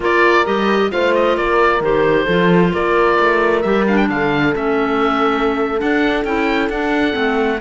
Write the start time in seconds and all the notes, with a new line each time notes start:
0.00 A#3 F4 A#4 D5
0.45 G3 G4 D#5
0.90 A3 F4 C5 F5
1.14 D#5
1.37 A#3 A#4 D5
1.80 D#3 G4 C5
2.25 F3 F4 A4
2.72 A#3 A#4 D5
3.19 A3
3.61 G3 G4 E5
3.87 D4 F5
3.96 G5
4.09 D3 A4 F5
4.54 A3 C#4 E5
5.78 D4 F#5
6.24 C#4 E4 G5
6.69 D4 F#5
7.11 A3 C4